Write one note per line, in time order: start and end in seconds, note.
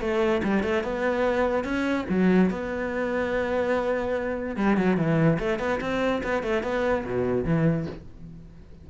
0.00 0.41 A3
0.43 0.62 G3
0.62 0.83 A3
0.83 1.64 B3
1.64 2.05 C#4
2.09 2.50 F#3
2.50 4.56 B3
4.56 4.76 G3
4.76 4.97 F#3
4.97 5.38 E3
5.39 5.59 A3
5.59 5.79 B3
5.80 6.22 C4
6.23 6.43 B3
6.43 6.63 A3
6.63 7.04 B3
7.05 7.44 B2
7.44 7.86 E3